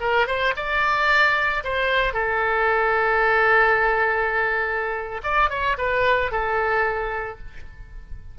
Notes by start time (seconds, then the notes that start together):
0.00 A#4
0.27 C5
0.56 D5
1.64 C5
2.13 A4
5.23 D5
5.50 C#5
5.78 B4
6.31 A4